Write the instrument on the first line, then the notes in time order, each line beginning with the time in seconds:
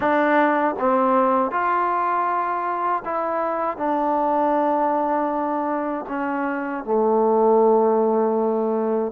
trombone
0.00 D4
0.79 C4
1.51 F4
3.04 E4
3.77 D4
6.08 C#4
6.84 A3